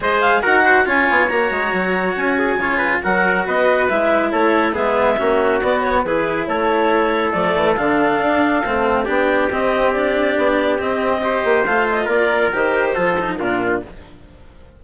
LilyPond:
<<
  \new Staff \with { instrumentName = "clarinet" } { \time 4/4 \tempo 4 = 139 dis''8 f''8 fis''4 gis''4 ais''4~ | ais''4 gis''2 fis''4 | dis''4 e''4 cis''4 e''4~ | e''4 d''8 cis''8 b'4 cis''4~ |
cis''4 d''4 f''2~ | f''4 g''4 dis''4 d''4~ | d''4 dis''2 f''8 dis''8 | d''4 c''2 ais'4 | }
  \new Staff \with { instrumentName = "trumpet" } { \time 4/4 c''4 ais'8 c''8 cis''2~ | cis''4. gis'8 cis''8 b'8 ais'4 | b'2 a'4 gis'4 | fis'2 gis'4 a'4~ |
a'1~ | a'4 g'2.~ | g'2 c''2 | ais'2 a'4 f'4 | }
  \new Staff \with { instrumentName = "cello" } { \time 4/4 gis'4 fis'4 f'4 fis'4~ | fis'2 f'4 fis'4~ | fis'4 e'2 b4 | cis'4 b4 e'2~ |
e'4 a4 d'2 | c'4 d'4 c'4 d'4~ | d'4 c'4 g'4 f'4~ | f'4 g'4 f'8 dis'8 d'4 | }
  \new Staff \with { instrumentName = "bassoon" } { \time 4/4 gis4 dis'4 cis'8 b8 ais8 gis8 | fis4 cis'4 cis4 fis4 | b4 gis4 a4 gis4 | ais4 b4 e4 a4~ |
a4 f8 e8 d4 d'4 | a4 b4 c'2 | b4 c'4. ais8 a4 | ais4 dis4 f4 ais,4 | }
>>